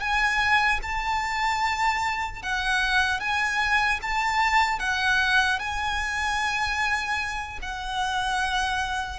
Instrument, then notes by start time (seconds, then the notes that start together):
violin
0.00 G#5
0.82 A5
2.43 F#5
3.20 G#5
4.02 A5
4.79 F#5
5.59 G#5
7.62 F#5